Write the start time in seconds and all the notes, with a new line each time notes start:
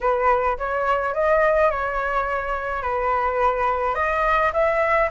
0.01 B4
0.57 C#5
1.14 D#5
1.70 C#5
2.82 B4
3.95 D#5
4.53 E5